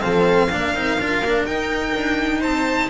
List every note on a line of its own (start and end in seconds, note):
0.00 0.51 F3
0.00 0.48 C4
0.00 0.49 A4
0.00 1.43 F5
0.51 0.74 A#3
0.51 0.75 D4
0.51 2.39 A#4
0.74 0.97 C4
0.74 0.99 D#4
0.98 1.20 D4
0.98 1.24 F4
1.20 1.44 A#3
1.20 1.47 D4
1.46 1.94 D#4
1.46 2.89 D#4
1.46 2.41 G5
1.96 2.43 D4
2.39 2.89 C4
2.39 2.87 C5
2.39 2.89 A5